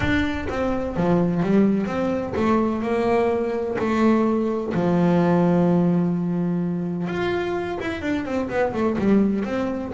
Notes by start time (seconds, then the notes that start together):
0.00 D4
0.49 C4
0.96 F3
1.42 G3
1.86 C4
2.36 A3
2.82 A#3
3.78 A3
4.74 F3
7.07 F4
7.80 E4
8.01 D4
8.25 C4
8.49 B3
8.73 A3
8.98 G3
9.44 C4